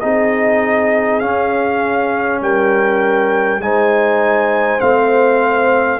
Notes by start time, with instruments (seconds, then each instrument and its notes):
0.00 tuba C4, trombone D#4, horn G#4, trumpet D#5
1.20 trombone C#4, tuba C#4, trumpet F5
2.41 tuba G3, horn A#4, trumpet G5
3.60 tuba G#3, trombone D#4, horn C5, trumpet G#5
4.80 tuba A3, trombone C4, trumpet F5